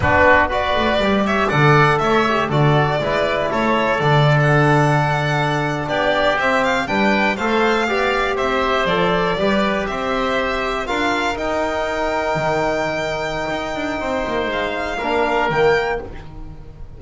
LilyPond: <<
  \new Staff \with { instrumentName = "violin" } { \time 4/4 \tempo 4 = 120 b'4 d''4. e''8 fis''4 | e''4 d''2 cis''4 | d''8. fis''2. d''16~ | d''8. e''8 f''8 g''4 f''4~ f''16~ |
f''8. e''4 d''2 e''16~ | e''4.~ e''16 f''4 g''4~ g''16~ | g''1~ | g''4 f''2 g''4 | }
  \new Staff \with { instrumentName = "oboe" } { \time 4/4 fis'4 b'4. cis''8 d''4 | cis''4 a'4 b'4 a'4~ | a'2.~ a'8. g'16~ | g'4.~ g'16 b'4 c''4 d''16~ |
d''8. c''2 b'4 c''16~ | c''4.~ c''16 ais'2~ ais'16~ | ais'1 | c''2 ais'2 | }
  \new Staff \with { instrumentName = "trombone" } { \time 4/4 d'4 fis'4 g'4 a'4~ | a'8 g'8 fis'4 e'2 | d'1~ | d'8. c'4 d'4 a'4 g'16~ |
g'4.~ g'16 a'4 g'4~ g'16~ | g'4.~ g'16 f'4 dis'4~ dis'16~ | dis'1~ | dis'2 d'4 ais4 | }
  \new Staff \with { instrumentName = "double bass" } { \time 4/4 b4. a8 g4 d4 | a4 d4 gis4 a4 | d2.~ d8. b16~ | b8. c'4 g4 a4 b16~ |
b8. c'4 f4 g4 c'16~ | c'4.~ c'16 d'4 dis'4~ dis'16~ | dis'8. dis2~ dis16 dis'8 d'8 | c'8 ais8 gis4 ais4 dis4 | }
>>